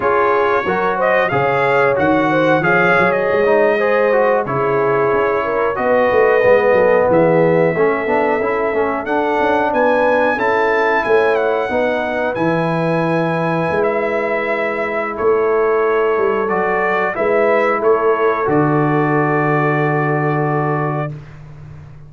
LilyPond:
<<
  \new Staff \with { instrumentName = "trumpet" } { \time 4/4 \tempo 4 = 91 cis''4. dis''8 f''4 fis''4 | f''8. dis''2 cis''4~ cis''16~ | cis''8. dis''2 e''4~ e''16~ | e''4.~ e''16 fis''4 gis''4 a''16~ |
a''8. gis''8 fis''4. gis''4~ gis''16~ | gis''4 e''2 cis''4~ | cis''4 d''4 e''4 cis''4 | d''1 | }
  \new Staff \with { instrumentName = "horn" } { \time 4/4 gis'4 ais'8 c''8 cis''4. c''8 | cis''4.~ cis''16 c''4 gis'4~ gis'16~ | gis'16 ais'8 b'4. a'8 gis'4 a'16~ | a'2~ a'8. b'4 a'16~ |
a'8. cis''4 b'2~ b'16~ | b'2. a'4~ | a'2 b'4 a'4~ | a'1 | }
  \new Staff \with { instrumentName = "trombone" } { \time 4/4 f'4 fis'4 gis'4 fis'4 | gis'4~ gis'16 dis'8 gis'8 fis'8 e'4~ e'16~ | e'8. fis'4 b2 cis'16~ | cis'16 d'8 e'8 cis'8 d'2 e'16~ |
e'4.~ e'16 dis'4 e'4~ e'16~ | e'1~ | e'4 fis'4 e'2 | fis'1 | }
  \new Staff \with { instrumentName = "tuba" } { \time 4/4 cis'4 fis4 cis4 dis4 | f8 fis8 gis4.~ gis16 cis4 cis'16~ | cis'8. b8 a8 gis8 fis8 e4 a16~ | a16 b8 cis'8 a8 d'8 cis'8 b4 cis'16~ |
cis'8. a4 b4 e4~ e16~ | e8. gis2~ gis16 a4~ | a8 g8 fis4 gis4 a4 | d1 | }
>>